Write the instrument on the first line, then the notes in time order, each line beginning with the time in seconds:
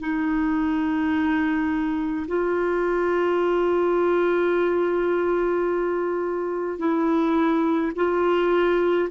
clarinet
0.00 D#4
2.27 F4
6.79 E4
7.95 F4